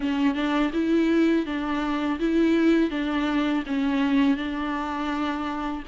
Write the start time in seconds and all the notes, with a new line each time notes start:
0.00 C#4
0.34 D4
0.73 E4
1.46 D4
2.20 E4
2.90 D4
3.66 C#4
4.36 D4